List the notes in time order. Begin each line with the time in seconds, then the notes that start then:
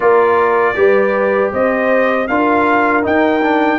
0.00 A#3 F4 A#4 D5
0.74 G3 G4 B4
1.52 C4 C5 D#5
2.27 D4 F4 A#4 F5
3.03 D#4 G5
3.42 D4